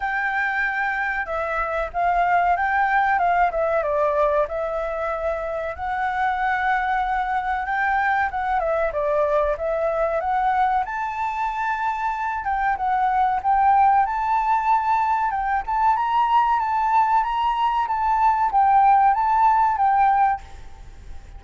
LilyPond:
\new Staff \with { instrumentName = "flute" } { \time 4/4 \tempo 4 = 94 g''2 e''4 f''4 | g''4 f''8 e''8 d''4 e''4~ | e''4 fis''2. | g''4 fis''8 e''8 d''4 e''4 |
fis''4 a''2~ a''8 g''8 | fis''4 g''4 a''2 | g''8 a''8 ais''4 a''4 ais''4 | a''4 g''4 a''4 g''4 | }